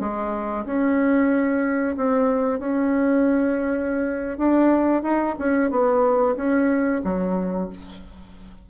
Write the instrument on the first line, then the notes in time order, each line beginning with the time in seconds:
bassoon
0.00 G#3
0.66 C#4
1.97 C4
2.60 C#4
4.38 D4
5.03 D#4
5.39 C#4
5.71 B3
6.36 C#4
7.04 F#3